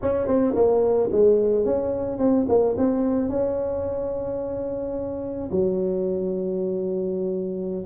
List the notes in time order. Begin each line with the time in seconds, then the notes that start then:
0.02 C#4
0.27 C4
0.55 A#3
1.12 G#3
1.65 C#4
2.18 C4
2.48 A#3
2.77 C4
3.29 C#4
5.51 F#3